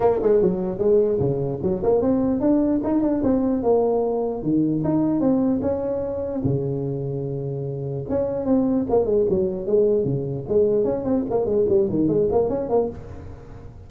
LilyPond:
\new Staff \with { instrumentName = "tuba" } { \time 4/4 \tempo 4 = 149 ais8 gis8 fis4 gis4 cis4 | fis8 ais8 c'4 d'4 dis'8 d'8 | c'4 ais2 dis4 | dis'4 c'4 cis'2 |
cis1 | cis'4 c'4 ais8 gis8 fis4 | gis4 cis4 gis4 cis'8 c'8 | ais8 gis8 g8 dis8 gis8 ais8 cis'8 ais8 | }